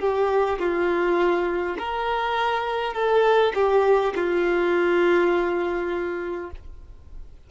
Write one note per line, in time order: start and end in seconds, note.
0.00 0.59 G4
0.59 1.77 F4
1.79 2.94 A#4
2.94 3.52 A4
3.55 4.13 G4
4.16 6.51 F4